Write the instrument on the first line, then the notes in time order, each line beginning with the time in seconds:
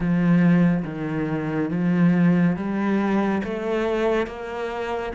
cello
0.00 F3
0.84 D#3
1.70 F3
2.56 G3
3.43 A3
4.26 A#3